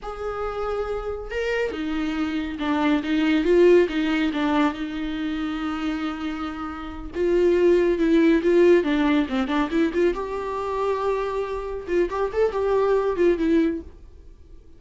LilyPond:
\new Staff \with { instrumentName = "viola" } { \time 4/4 \tempo 4 = 139 gis'2. ais'4 | dis'2 d'4 dis'4 | f'4 dis'4 d'4 dis'4~ | dis'1~ |
dis'8 f'2 e'4 f'8~ | f'8 d'4 c'8 d'8 e'8 f'8 g'8~ | g'2.~ g'8 f'8 | g'8 a'8 g'4. f'8 e'4 | }